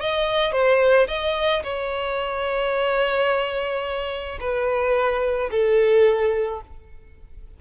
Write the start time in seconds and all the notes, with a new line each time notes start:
0.00 D#5
0.52 C5
1.07 D#5
1.63 C#5
4.40 B4
5.50 A4